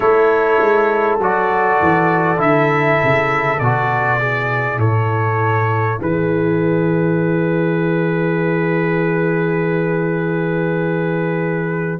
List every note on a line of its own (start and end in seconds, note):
0.00 0.60 A3
0.00 1.19 E4
0.00 4.19 A4
0.00 1.18 C#5
0.60 1.18 G#3
1.18 1.78 F#3
1.18 2.37 F#4
1.18 2.41 D5
1.81 2.38 E3
2.37 2.98 D3
2.37 3.57 E4
2.37 3.59 E5
3.03 3.60 C#3
3.59 4.78 B2
3.59 4.19 F#4
3.59 4.79 D5
4.19 11.99 E4
4.19 4.79 G#4
4.78 5.98 A2
4.78 5.99 A4
4.78 5.99 C#5
6.00 11.99 E3
6.00 11.99 G#4
6.00 11.99 B4